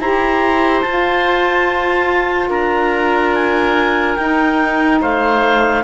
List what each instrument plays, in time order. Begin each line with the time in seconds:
0.00 cello E4, saxophone G4, oboe C5, clarinet A#5
0.82 cello F4, saxophone F4, clarinet A5
2.50 cello D4, oboe A#4, clarinet A#5
3.35 clarinet G#5
4.16 saxophone D#4, cello D#4, clarinet G5
5.01 cello A3, oboe C5, clarinet F5